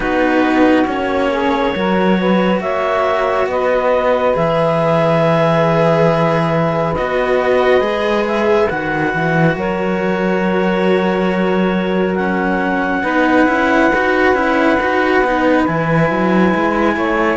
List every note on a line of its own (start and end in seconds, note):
0.00 0.86 B3
0.00 0.86 D#4
0.00 1.30 F#4
0.00 0.86 B4
0.87 1.75 A#3
0.87 1.74 C#4
0.87 2.61 C#5
1.31 1.74 G#4
1.75 2.60 F#3
1.75 4.33 F#4
1.75 2.18 A#4
2.18 2.61 B4
2.60 3.46 A#3
2.60 3.48 C#5
2.60 3.47 E5
3.46 4.33 B3
3.46 9.56 B4
3.46 4.36 D#5
4.33 6.96 E3
4.33 6.94 G#4
4.33 6.94 E5
6.94 7.80 B3
6.94 7.80 F#4
6.94 8.24 D#5
7.80 8.67 G#3
7.80 8.67 G#4
8.27 8.68 E5
8.68 9.14 D#3
8.68 12.17 F#4
8.68 9.55 F#5
9.14 9.55 E3
9.55 13.03 F#3
9.55 13.02 A#4
9.55 12.15 C#5
12.15 13.03 C#4
12.15 15.63 F#5
13.02 13.47 B3
13.02 13.46 D#4
13.02 16.93 B4
13.47 13.91 C#4
13.47 13.90 E4
13.93 14.33 D#4
13.93 14.34 F#4
14.33 14.76 C#4
14.33 14.78 E4
14.79 15.21 D#4
14.79 15.24 F#4
15.21 15.64 B3
15.21 15.68 D#4
15.66 16.10 E3
15.66 17.36 E4
15.66 17.36 G#5
16.10 16.54 F#3
16.55 16.96 G#3
16.96 17.36 A3
16.96 17.36 C#5